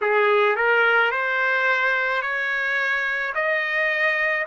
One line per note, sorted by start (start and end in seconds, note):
0.01 0.56 G#4
0.56 1.11 A#4
1.11 2.22 C5
2.22 3.33 C#5
3.34 4.45 D#5